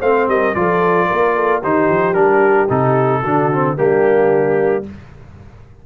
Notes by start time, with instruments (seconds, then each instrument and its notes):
0.00 tuba A3, trombone C4, horn C5, trumpet F5
0.28 tuba G3, horn A#4, trumpet D#5
0.55 tuba F3, trombone F4, horn A4, trumpet D5
1.08 tuba A#3, horn A#4
1.35 horn A4
1.61 tuba D#3, trombone D#4, horn G4, trumpet C5
1.90 tuba F3
2.14 tuba G3, trombone D4, trumpet A#4
2.69 tuba C3, trombone D#4, trumpet A4
3.22 tuba D3, trombone D4, horn F#4
3.53 trombone C4
3.77 tuba G3, trombone A#3, horn D4, trumpet G4